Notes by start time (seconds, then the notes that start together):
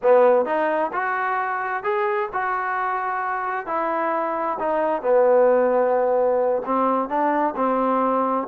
0.02 B3
0.45 D#4
0.93 F#4
1.83 G#4
2.33 F#4
3.66 E4
4.59 D#4
5.02 B3
6.65 C4
7.08 D4
7.56 C4